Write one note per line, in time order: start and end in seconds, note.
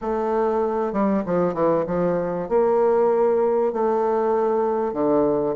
0.01 0.93 A3
0.93 1.23 G3
1.25 1.54 F3
1.54 1.84 E3
1.86 2.48 F3
2.49 3.72 A#3
3.72 4.93 A3
4.93 5.55 D3